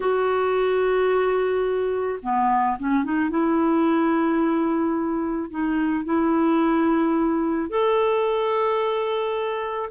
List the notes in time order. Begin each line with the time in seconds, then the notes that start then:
0.00 F#4
2.22 B3
2.79 C#4
3.04 D#4
3.30 E4
5.50 D#4
6.04 E4
7.69 A4